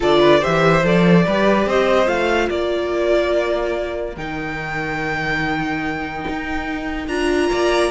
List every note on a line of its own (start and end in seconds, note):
0.00 0.44 D3
0.00 0.41 F4
0.00 0.18 A4
0.00 0.44 D5
0.20 0.40 B4
0.40 0.82 G4
0.40 1.23 C5
0.40 0.85 E5
0.46 0.83 E3
0.83 1.25 F3
0.83 1.24 A4
0.83 1.69 D5
1.26 1.66 G3
1.26 2.04 G4
1.26 1.67 B4
1.66 2.07 C4
1.66 2.49 C5
1.66 2.07 D#5
2.04 2.48 A3
2.04 4.13 F4
2.04 2.49 F5
2.49 4.16 A#3
2.49 7.49 A#4
2.49 4.16 D5
4.16 6.24 D#3
4.16 7.08 D#4
4.16 7.08 G5
6.27 7.07 D#4
7.07 7.49 D4
7.07 7.91 F4
7.07 7.91 A#5
7.49 7.91 A#3
7.49 7.90 D5